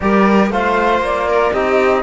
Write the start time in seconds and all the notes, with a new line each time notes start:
0.00 G3 G4 A#4 D5
0.50 A3 F4 C5 F5
0.99 A#3 D5
1.27 A#4
1.52 C4 D#4 G4 D#5